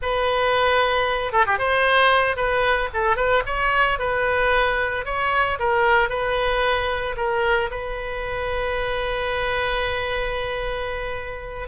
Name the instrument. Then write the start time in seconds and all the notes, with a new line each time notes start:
oboe
0.01 B4
1.32 A4
1.46 G4
1.58 C5
2.36 B4
2.93 A4
3.16 B4
3.46 C#5
3.98 B4
5.05 C#5
5.59 A#4
6.09 B4
7.16 A#4
7.71 B4